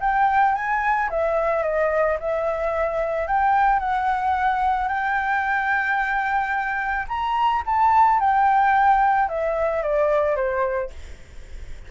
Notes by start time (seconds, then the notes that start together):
0.00 G5
0.55 G#5
1.09 E5
1.63 D#5
2.19 E5
3.27 G5
3.79 F#5
4.88 G5
7.08 A#5
7.65 A5
8.19 G5
9.28 E5
9.82 D5
10.35 C5